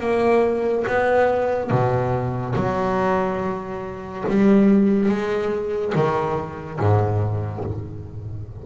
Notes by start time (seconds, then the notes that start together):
0.00 A#3
0.87 B3
1.70 B2
2.55 F#3
4.29 G3
5.09 G#3
5.95 D#3
6.80 G#2